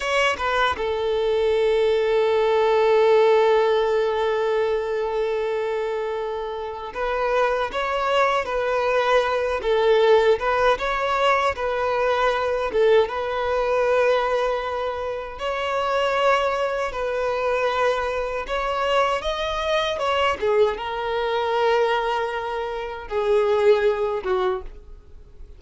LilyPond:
\new Staff \with { instrumentName = "violin" } { \time 4/4 \tempo 4 = 78 cis''8 b'8 a'2.~ | a'1~ | a'4 b'4 cis''4 b'4~ | b'8 a'4 b'8 cis''4 b'4~ |
b'8 a'8 b'2. | cis''2 b'2 | cis''4 dis''4 cis''8 gis'8 ais'4~ | ais'2 gis'4. fis'8 | }